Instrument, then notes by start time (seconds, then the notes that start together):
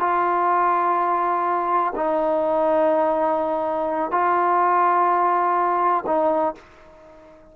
trombone
0.00 F4
1.96 D#4
4.11 F4
6.07 D#4